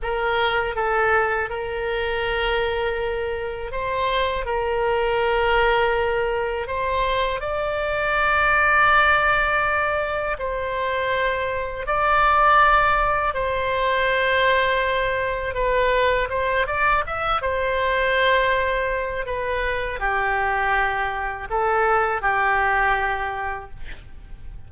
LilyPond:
\new Staff \with { instrumentName = "oboe" } { \time 4/4 \tempo 4 = 81 ais'4 a'4 ais'2~ | ais'4 c''4 ais'2~ | ais'4 c''4 d''2~ | d''2 c''2 |
d''2 c''2~ | c''4 b'4 c''8 d''8 e''8 c''8~ | c''2 b'4 g'4~ | g'4 a'4 g'2 | }